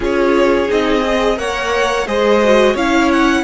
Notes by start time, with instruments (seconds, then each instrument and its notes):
0.00 cello C#4, viola F4, violin G#4 C#5
0.68 cello C4, viola D#4, violin D#5
1.05 viola G#4
1.35 cello A#3, viola A#4, violin C#5 F#5
2.06 cello G#3, viola G#4, violin C5 D#5
2.44 viola F#4
2.73 cello C#4, viola E4, violin C#5 F5
3.12 violin F#5